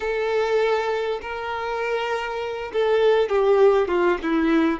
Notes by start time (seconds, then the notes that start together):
0.00 A4
1.21 A#4
2.72 A4
3.29 G4
3.88 F4
4.22 E4